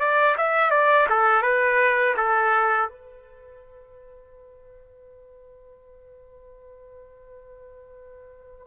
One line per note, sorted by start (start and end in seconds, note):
0.00 0.36 D5
0.38 0.71 E5
0.71 1.07 D5
1.09 1.43 A4
1.43 2.15 B4
2.17 2.89 A4
2.89 8.67 B4